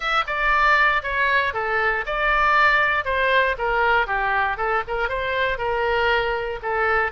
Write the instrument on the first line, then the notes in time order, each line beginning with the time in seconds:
oboe
0.00 E5
0.26 D5
1.02 C#5
1.53 A4
2.05 D5
3.05 C5
3.58 A#4
4.06 G4
4.57 A4
4.87 A#4
5.08 C5
5.57 A#4
6.62 A4